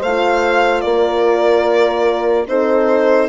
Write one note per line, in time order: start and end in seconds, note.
0.00 0.84 A3
0.00 0.82 C5
0.00 0.81 F5
0.07 2.48 F4
0.81 2.48 A#3
0.81 2.49 A#4
0.81 2.46 D5
2.48 3.30 C4
2.48 3.30 D#4
2.48 3.30 A4
2.48 3.30 C5